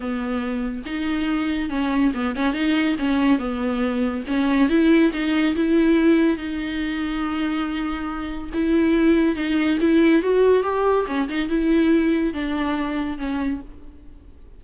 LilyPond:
\new Staff \with { instrumentName = "viola" } { \time 4/4 \tempo 4 = 141 b2 dis'2 | cis'4 b8 cis'8 dis'4 cis'4 | b2 cis'4 e'4 | dis'4 e'2 dis'4~ |
dis'1 | e'2 dis'4 e'4 | fis'4 g'4 cis'8 dis'8 e'4~ | e'4 d'2 cis'4 | }